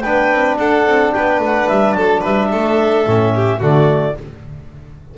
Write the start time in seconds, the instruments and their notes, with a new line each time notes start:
0.00 double bass B3, trombone D4, violin B4, clarinet G5
0.31 double bass C4
0.57 double bass D4, violin A4, clarinet F#5
0.86 double bass C4
1.12 double bass B3, violin B4, clarinet G5
1.39 double bass A3, clarinet F#5
1.68 double bass G3, clarinet E5
1.92 double bass F#3, violin A4, clarinet A5
2.20 double bass G3, violin B4, clarinet E5
2.51 double bass A3, violin A4
3.07 double bass A2, trombone C#4
3.35 violin G4
3.59 double bass D3, trombone A3, violin F#4, clarinet D5